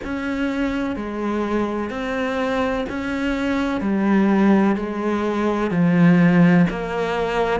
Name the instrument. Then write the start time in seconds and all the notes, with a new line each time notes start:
cello
0.03 C#4
0.96 G#3
1.90 C4
2.89 C#4
3.81 G3
4.76 G#3
5.70 F3
6.70 A#3